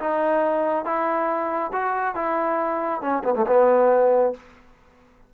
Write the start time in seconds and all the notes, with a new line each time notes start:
0.00 D#4
0.85 E4
1.73 F#4
2.15 E4
3.02 C#4
3.24 B3
3.35 A3
3.47 B3